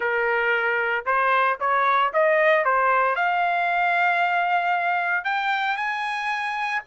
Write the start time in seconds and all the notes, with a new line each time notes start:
0.00 A#4
1.05 C5
1.60 C#5
2.13 D#5
2.65 C5
3.15 F5
5.24 G5
5.76 G#5